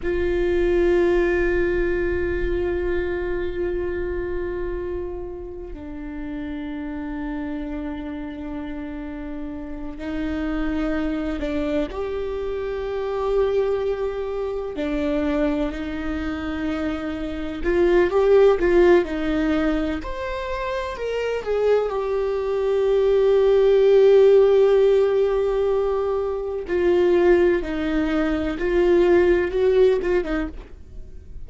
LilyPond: \new Staff \with { instrumentName = "viola" } { \time 4/4 \tempo 4 = 63 f'1~ | f'2 d'2~ | d'2~ d'8 dis'4. | d'8 g'2. d'8~ |
d'8 dis'2 f'8 g'8 f'8 | dis'4 c''4 ais'8 gis'8 g'4~ | g'1 | f'4 dis'4 f'4 fis'8 f'16 dis'16 | }